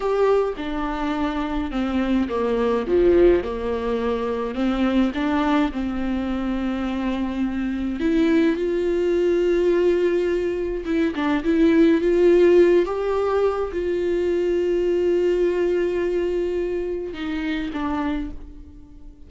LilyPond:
\new Staff \with { instrumentName = "viola" } { \time 4/4 \tempo 4 = 105 g'4 d'2 c'4 | ais4 f4 ais2 | c'4 d'4 c'2~ | c'2 e'4 f'4~ |
f'2. e'8 d'8 | e'4 f'4. g'4. | f'1~ | f'2 dis'4 d'4 | }